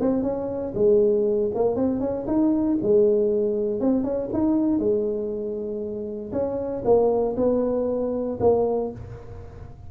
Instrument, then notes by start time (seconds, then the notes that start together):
tuba
0.00 C4
0.22 C#4
0.75 G#3
1.54 A#3
1.76 C4
2.00 C#4
2.27 D#4
2.82 G#3
3.80 C4
4.04 C#4
4.33 D#4
4.79 G#3
6.32 C#4
6.85 A#3
7.37 B3
8.40 A#3